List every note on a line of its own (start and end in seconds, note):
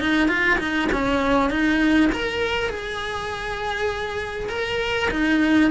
0.00 0.29 D#4
0.29 0.59 F4
0.59 0.89 D#4
0.92 1.50 C#4
1.50 2.10 D#4
2.13 2.70 A#4
2.70 4.49 G#4
4.49 5.09 A#4
5.11 5.71 D#4